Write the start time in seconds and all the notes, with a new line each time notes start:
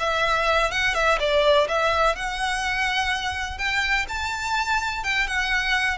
0.00 E5
0.72 F#5
0.95 E5
1.20 D5
1.69 E5
2.16 F#5
3.59 G5
4.09 A5
5.04 G5
5.28 F#5